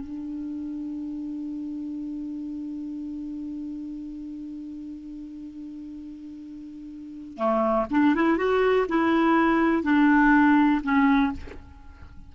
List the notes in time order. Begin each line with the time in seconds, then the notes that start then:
0.00 D4
7.37 A3
7.90 D4
8.15 E4
8.37 F#4
8.88 E4
9.83 D4
10.83 C#4